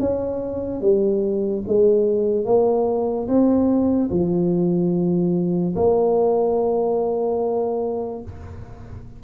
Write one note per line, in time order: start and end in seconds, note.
0.00 0.81 C#4
0.81 1.64 G3
1.68 2.45 G#3
2.45 3.28 A#3
3.28 4.10 C4
4.11 5.75 F3
5.76 8.23 A#3